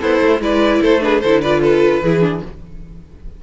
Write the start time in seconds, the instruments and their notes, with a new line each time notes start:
0.00 cello B3, violin E4 C5, viola A4
0.22 cello A3
0.40 cello G#3, viola E4, violin B4 D5
0.81 cello A3, violin A4 C5
1.00 viola D4, violin G#4 B4
1.21 cello D3, viola E4, violin A4 C5
1.42 viola F4, violin B4 D5
1.61 violin A4 B4
2.02 cello E3, viola E4, violin G#4
2.20 viola D4